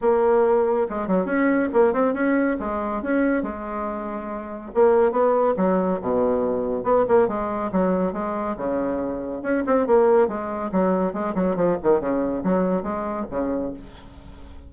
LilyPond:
\new Staff \with { instrumentName = "bassoon" } { \time 4/4 \tempo 4 = 140 ais2 gis8 fis8 cis'4 | ais8 c'8 cis'4 gis4 cis'4 | gis2. ais4 | b4 fis4 b,2 |
b8 ais8 gis4 fis4 gis4 | cis2 cis'8 c'8 ais4 | gis4 fis4 gis8 fis8 f8 dis8 | cis4 fis4 gis4 cis4 | }